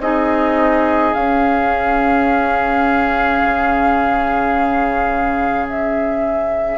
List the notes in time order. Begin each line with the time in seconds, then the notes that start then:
0.00 C4 D#4 G#4 D#5
1.14 C#4 F5
3.43 C#3
5.70 E5